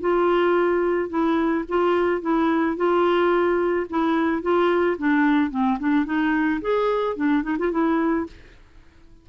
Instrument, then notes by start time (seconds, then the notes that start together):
clarinet
0.00 F4
1.09 E4
1.68 F4
2.21 E4
2.76 F4
3.90 E4
4.42 F4
4.98 D4
5.50 C4
5.79 D4
6.05 D#4
6.61 G#4
7.16 D4
7.43 D#4
7.58 F4
7.71 E4